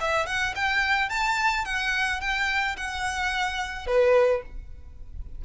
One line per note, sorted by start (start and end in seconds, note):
0.00 0.26 E5
0.26 0.54 F#5
0.55 1.09 G5
1.09 1.65 A5
1.65 2.20 F#5
2.20 2.76 G5
2.76 3.86 F#5
3.86 4.42 B4